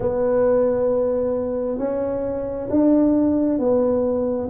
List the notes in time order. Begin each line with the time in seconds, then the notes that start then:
0.00 B3
1.78 C#4
2.70 D4
3.59 B3